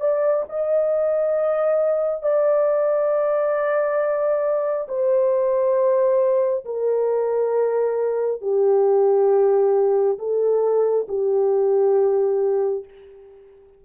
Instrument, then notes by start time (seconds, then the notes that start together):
horn
0.00 D5
0.49 D#5
2.23 D5
4.88 C5
6.65 A#4
8.42 G4
10.18 A4
11.09 G4